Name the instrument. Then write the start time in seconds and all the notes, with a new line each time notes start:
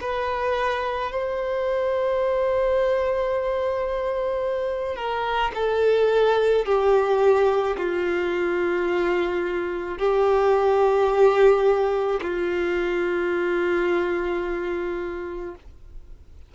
violin
0.00 B4
1.11 C5
4.95 A#4
5.54 A4
6.65 G4
7.77 F4
9.97 G4
12.21 F4